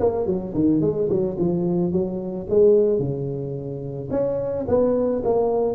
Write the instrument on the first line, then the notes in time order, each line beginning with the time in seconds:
tuba
0.00 A#3
0.26 F#3
0.55 D#3
0.81 G#3
1.10 F#3
1.39 F3
1.92 F#3
2.49 G#3
2.99 C#3
4.11 C#4
4.68 B3
5.24 A#3